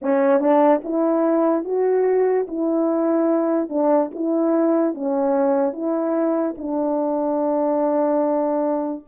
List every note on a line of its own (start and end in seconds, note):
0.02 0.40 C#4
0.40 0.81 D4
0.84 1.64 E4
1.64 2.46 F#4
2.47 3.69 E4
3.69 4.10 D4
4.14 4.94 E4
4.94 5.72 C#4
5.72 6.55 E4
6.57 9.04 D4